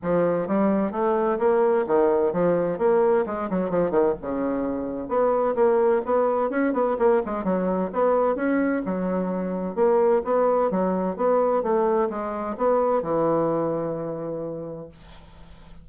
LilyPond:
\new Staff \with { instrumentName = "bassoon" } { \time 4/4 \tempo 4 = 129 f4 g4 a4 ais4 | dis4 f4 ais4 gis8 fis8 | f8 dis8 cis2 b4 | ais4 b4 cis'8 b8 ais8 gis8 |
fis4 b4 cis'4 fis4~ | fis4 ais4 b4 fis4 | b4 a4 gis4 b4 | e1 | }